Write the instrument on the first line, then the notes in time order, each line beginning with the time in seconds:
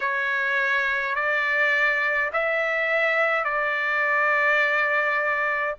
trumpet
0.00 C#5
1.15 D5
2.32 E5
3.44 D5